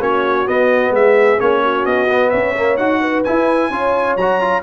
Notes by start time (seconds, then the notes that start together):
0.00 A#3 C#4 F#4 C#5
0.46 B3 D#5
0.90 G#3 E5
0.96 G#4
1.38 A#3 C#4 C#5
1.63 F#4
1.85 B3 D#5
2.09 B3
2.30 C#4 C#5 E5
2.56 A#3
2.76 D#4 F#4 F#5
3.01 B4
3.24 E4 G#5
3.70 C#4 F4 C#5
4.16 F#3 F#4 A#5
4.41 F4